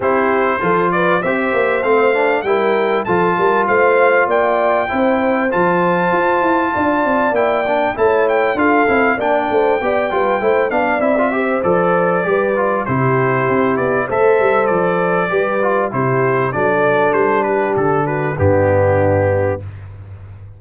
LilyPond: <<
  \new Staff \with { instrumentName = "trumpet" } { \time 4/4 \tempo 4 = 98 c''4. d''8 e''4 f''4 | g''4 a''4 f''4 g''4~ | g''4 a''2. | g''4 a''8 g''8 f''4 g''4~ |
g''4. f''8 e''4 d''4~ | d''4 c''4. d''8 e''4 | d''2 c''4 d''4 | c''8 b'8 a'8 b'8 g'2 | }
  \new Staff \with { instrumentName = "horn" } { \time 4/4 g'4 a'8 b'8 c''2 | ais'4 a'8 ais'8 c''4 d''4 | c''2. d''4~ | d''4 cis''4 a'4 d''8 c''8 |
d''8 b'8 c''8 d''4 c''4. | b'4 g'2 c''4~ | c''4 b'4 g'4 a'4~ | a'8 g'4 fis'8 d'2 | }
  \new Staff \with { instrumentName = "trombone" } { \time 4/4 e'4 f'4 g'4 c'8 d'8 | e'4 f'2. | e'4 f'2. | e'8 d'8 e'4 f'8 e'8 d'4 |
g'8 f'8 e'8 d'8 e'16 f'16 g'8 a'4 | g'8 f'8 e'2 a'4~ | a'4 g'8 f'8 e'4 d'4~ | d'2 b2 | }
  \new Staff \with { instrumentName = "tuba" } { \time 4/4 c'4 f4 c'8 ais8 a4 | g4 f8 g8 a4 ais4 | c'4 f4 f'8 e'8 d'8 c'8 | ais4 a4 d'8 c'8 ais8 a8 |
b8 g8 a8 b8 c'4 f4 | g4 c4 c'8 b8 a8 g8 | f4 g4 c4 fis4 | g4 d4 g,2 | }
>>